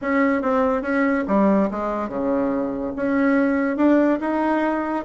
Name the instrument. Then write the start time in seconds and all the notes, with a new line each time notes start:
bassoon
0.01 C#4
0.42 C4
0.82 C#4
1.27 G3
1.70 G#3
2.09 C#3
2.96 C#4
3.76 D4
4.20 D#4